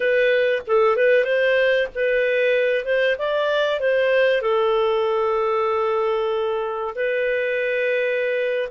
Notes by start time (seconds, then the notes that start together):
0.00 B4
0.66 A4
0.96 B4
1.24 C5
1.94 B4
2.84 C5
3.18 D5
3.80 C5
4.41 A4
6.95 B4